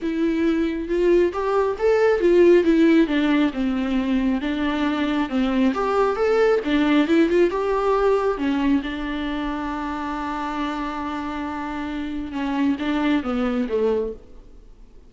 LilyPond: \new Staff \with { instrumentName = "viola" } { \time 4/4 \tempo 4 = 136 e'2 f'4 g'4 | a'4 f'4 e'4 d'4 | c'2 d'2 | c'4 g'4 a'4 d'4 |
e'8 f'8 g'2 cis'4 | d'1~ | d'1 | cis'4 d'4 b4 a4 | }